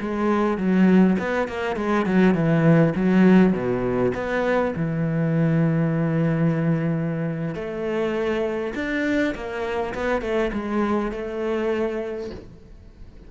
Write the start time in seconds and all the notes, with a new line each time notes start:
0.00 G#3
0.57 F#3
1.19 B3
1.47 A#3
1.76 G#3
2.05 F#3
2.34 E3
2.95 F#3
3.52 B2
4.14 B3
4.76 E3
7.54 A3
8.75 D4
9.34 A#3
9.94 B3
10.21 A3
10.53 G#3
11.11 A3